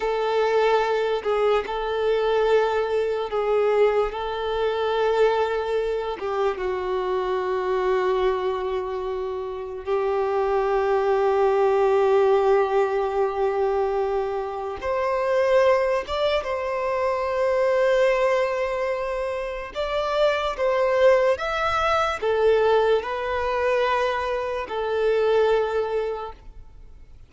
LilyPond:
\new Staff \with { instrumentName = "violin" } { \time 4/4 \tempo 4 = 73 a'4. gis'8 a'2 | gis'4 a'2~ a'8 g'8 | fis'1 | g'1~ |
g'2 c''4. d''8 | c''1 | d''4 c''4 e''4 a'4 | b'2 a'2 | }